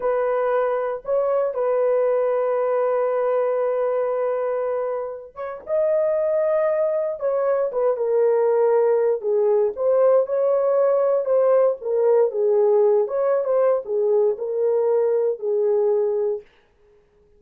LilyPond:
\new Staff \with { instrumentName = "horn" } { \time 4/4 \tempo 4 = 117 b'2 cis''4 b'4~ | b'1~ | b'2~ b'8 cis''8 dis''4~ | dis''2 cis''4 b'8 ais'8~ |
ais'2 gis'4 c''4 | cis''2 c''4 ais'4 | gis'4. cis''8. c''8. gis'4 | ais'2 gis'2 | }